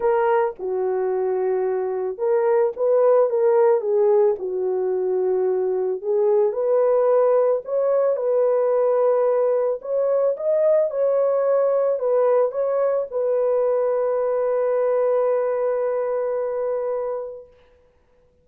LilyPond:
\new Staff \with { instrumentName = "horn" } { \time 4/4 \tempo 4 = 110 ais'4 fis'2. | ais'4 b'4 ais'4 gis'4 | fis'2. gis'4 | b'2 cis''4 b'4~ |
b'2 cis''4 dis''4 | cis''2 b'4 cis''4 | b'1~ | b'1 | }